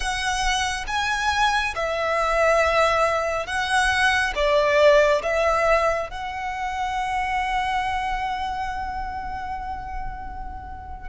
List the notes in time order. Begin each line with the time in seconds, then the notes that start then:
0.00 F#5
0.87 G#5
1.75 E5
3.46 F#5
4.35 D5
5.23 E5
6.09 F#5